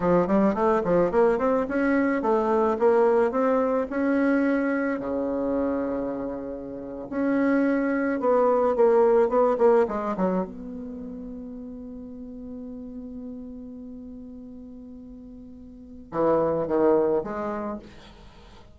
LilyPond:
\new Staff \with { instrumentName = "bassoon" } { \time 4/4 \tempo 4 = 108 f8 g8 a8 f8 ais8 c'8 cis'4 | a4 ais4 c'4 cis'4~ | cis'4 cis2.~ | cis8. cis'2 b4 ais16~ |
ais8. b8 ais8 gis8 fis8 b4~ b16~ | b1~ | b1~ | b4 e4 dis4 gis4 | }